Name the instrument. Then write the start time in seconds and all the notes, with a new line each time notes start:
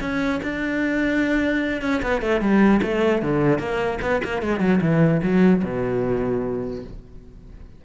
cello
0.00 C#4
0.42 D4
1.81 C#4
2.02 B3
2.21 A3
2.40 G3
2.82 A3
3.22 D3
3.58 A#3
4.01 B3
4.24 A#3
4.41 G#3
4.60 F#3
4.81 E3
5.23 F#3
5.63 B2